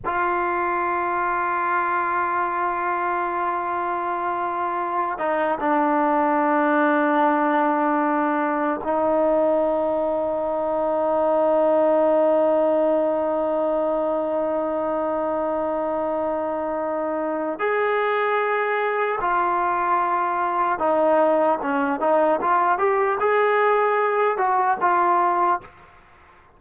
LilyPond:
\new Staff \with { instrumentName = "trombone" } { \time 4/4 \tempo 4 = 75 f'1~ | f'2~ f'8 dis'8 d'4~ | d'2. dis'4~ | dis'1~ |
dis'1~ | dis'2 gis'2 | f'2 dis'4 cis'8 dis'8 | f'8 g'8 gis'4. fis'8 f'4 | }